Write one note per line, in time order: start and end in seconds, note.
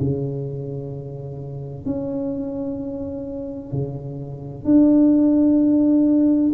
0.00 1.85 C#3
1.85 3.72 C#4
3.72 4.64 C#3
4.64 6.52 D4